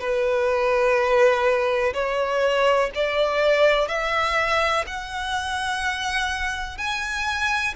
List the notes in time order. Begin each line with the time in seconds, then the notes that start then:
0.00 B4
1.94 C#5
2.95 D5
3.88 E5
4.87 F#5
6.78 G#5